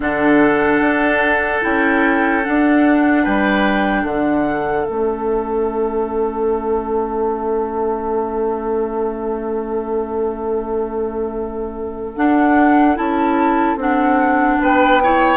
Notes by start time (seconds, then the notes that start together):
0.00 D3 D4 A4 F#5
0.80 D4
1.61 C#4 E4 G5
2.44 D4 F#5
3.23 G3 B4 G5
4.02 D3 A4 F#5
4.85 A3 C#4 E5
12.15 D4 F#5
12.95 C#4 E4 A5
13.76 C4 D4 F#5
14.60 B3 B4 G5
15.03 E4 C#5